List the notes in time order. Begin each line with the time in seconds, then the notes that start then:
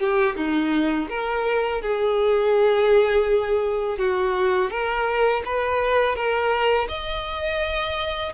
0.00 G4
0.36 D#4
1.10 A#4
1.82 G#4
3.99 F#4
4.71 A#4
5.46 B4
6.16 A#4
6.89 D#5